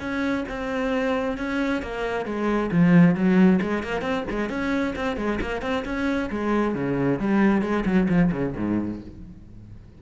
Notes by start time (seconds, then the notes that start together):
0.00 C#4
0.49 C4
1.38 C#4
1.82 A#3
2.26 G#3
2.72 F3
3.15 F#3
3.62 G#3
3.83 A#3
4.02 C4
4.30 G#3
4.49 C#4
4.96 C4
5.17 G#3
5.41 A#3
5.62 C4
5.85 C#4
6.30 G#3
6.75 C#3
7.20 G3
7.62 G#3
7.86 F#3
8.09 F3
8.32 C#3
8.57 G#2